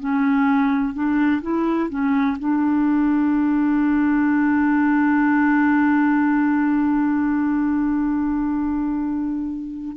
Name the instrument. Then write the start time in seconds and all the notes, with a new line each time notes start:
clarinet
0.00 C#4
0.94 D4
1.42 E4
1.90 C#4
2.39 D4